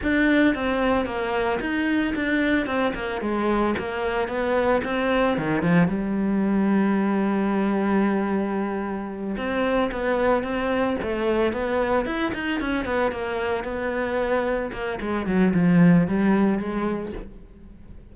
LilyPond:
\new Staff \with { instrumentName = "cello" } { \time 4/4 \tempo 4 = 112 d'4 c'4 ais4 dis'4 | d'4 c'8 ais8 gis4 ais4 | b4 c'4 dis8 f8 g4~ | g1~ |
g4. c'4 b4 c'8~ | c'8 a4 b4 e'8 dis'8 cis'8 | b8 ais4 b2 ais8 | gis8 fis8 f4 g4 gis4 | }